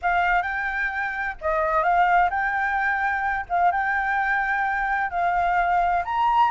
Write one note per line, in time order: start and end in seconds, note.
0.01 0.42 F5
0.42 1.35 G5
1.41 1.83 D#5
1.83 2.29 F5
2.29 3.46 G5
3.49 3.71 F5
3.71 5.10 G5
5.10 6.03 F5
6.04 6.51 A#5